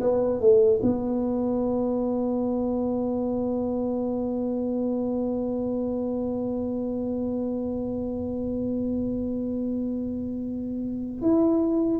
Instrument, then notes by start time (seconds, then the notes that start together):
tuba
0.00 B3
0.40 A3
0.82 B3
11.21 E4